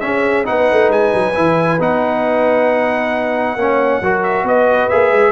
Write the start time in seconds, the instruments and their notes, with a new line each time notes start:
0.00 trombone C#4, tuba C#4, horn G#4, trumpet E5
0.45 tuba B3, trombone D#4, horn B4, trumpet F#5
0.72 tuba A3
0.89 tuba G#3, trumpet G#5
1.14 tuba F#3
1.34 tuba E3, trombone E4
1.79 tuba B3, trombone D#4, trumpet F#5
3.56 tuba A#3, trombone C#4, horn C#5
4.01 tuba F#3, trombone F#4, horn A#4
4.23 trumpet E5
4.44 tuba B3, horn B4, trumpet D#5
4.89 tuba A#3, trombone G#4, trumpet E5
5.12 tuba G#3